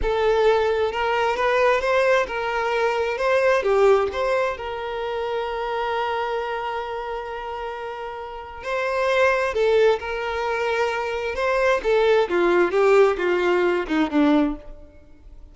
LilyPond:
\new Staff \with { instrumentName = "violin" } { \time 4/4 \tempo 4 = 132 a'2 ais'4 b'4 | c''4 ais'2 c''4 | g'4 c''4 ais'2~ | ais'1~ |
ais'2. c''4~ | c''4 a'4 ais'2~ | ais'4 c''4 a'4 f'4 | g'4 f'4. dis'8 d'4 | }